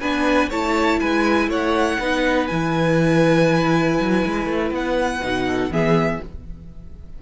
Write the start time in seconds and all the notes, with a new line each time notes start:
0.00 B3 D4 B4 G#5
0.50 A3 E4 C#5 A5
1.00 G#3 B4 G#5
1.48 A3 C#5 F#5
1.99 B3 D#4 B4
2.47 E3 E4 G#5
4.00 F#3
4.26 G#3
4.46 A3
4.71 B3 F#5
5.23 B2 D#4
5.46 A4
5.70 E3 B3 G#4 E5